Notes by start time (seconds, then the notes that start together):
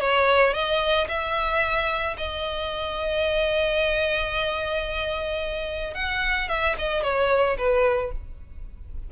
0.00 C#5
0.53 D#5
1.08 E5
2.17 D#5
5.94 F#5
6.48 E5
6.78 D#5
7.03 C#5
7.57 B4